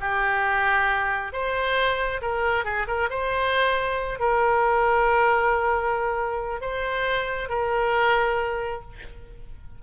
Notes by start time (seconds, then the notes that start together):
0.00 G4
1.32 C5
2.21 A#4
2.64 G#4
2.87 A#4
3.09 C5
4.19 A#4
6.61 C5
7.49 A#4